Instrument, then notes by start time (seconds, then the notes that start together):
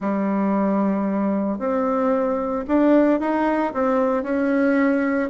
bassoon
0.00 G3
1.59 C4
2.67 D4
3.20 D#4
3.73 C4
4.23 C#4